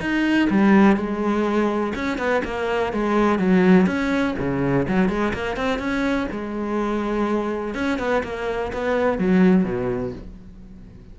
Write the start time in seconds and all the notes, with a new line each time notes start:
0.00 D#4
0.49 G3
0.96 G#3
1.95 C#4
2.18 B3
2.44 A#3
2.93 G#3
3.38 F#3
3.86 C#4
4.38 C#3
4.88 F#3
5.08 G#3
5.33 A#3
5.56 C4
5.78 C#4
6.31 G#3
7.74 C#4
7.98 B3
8.23 A#3
8.72 B3
9.18 F#3
9.63 B2